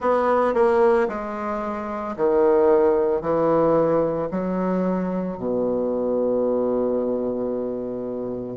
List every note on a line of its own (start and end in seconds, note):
0.00 0.54 B3
0.54 1.07 A#3
1.08 2.15 G#3
2.16 3.21 D#3
3.21 4.28 E3
4.31 5.37 F#3
5.37 8.57 B2